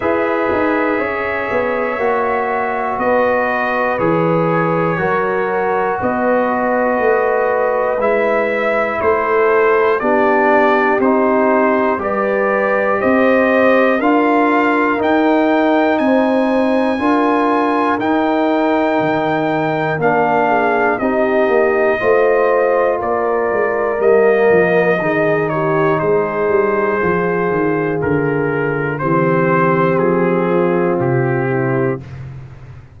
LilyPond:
<<
  \new Staff \with { instrumentName = "trumpet" } { \time 4/4 \tempo 4 = 60 e''2. dis''4 | cis''2 dis''2 | e''4 c''4 d''4 c''4 | d''4 dis''4 f''4 g''4 |
gis''2 g''2 | f''4 dis''2 d''4 | dis''4. cis''8 c''2 | ais'4 c''4 gis'4 g'4 | }
  \new Staff \with { instrumentName = "horn" } { \time 4/4 b'4 cis''2 b'4~ | b'4 ais'4 b'2~ | b'4 a'4 g'2 | b'4 c''4 ais'2 |
c''4 ais'2.~ | ais'8 gis'8 g'4 c''4 ais'4~ | ais'4 gis'8 g'8 gis'2~ | gis'4 g'4. f'4 e'8 | }
  \new Staff \with { instrumentName = "trombone" } { \time 4/4 gis'2 fis'2 | gis'4 fis'2. | e'2 d'4 dis'4 | g'2 f'4 dis'4~ |
dis'4 f'4 dis'2 | d'4 dis'4 f'2 | ais4 dis'2 f'4~ | f'4 c'2. | }
  \new Staff \with { instrumentName = "tuba" } { \time 4/4 e'8 dis'8 cis'8 b8 ais4 b4 | e4 fis4 b4 a4 | gis4 a4 b4 c'4 | g4 c'4 d'4 dis'4 |
c'4 d'4 dis'4 dis4 | ais4 c'8 ais8 a4 ais8 gis8 | g8 f8 dis4 gis8 g8 f8 dis8 | d4 e4 f4 c4 | }
>>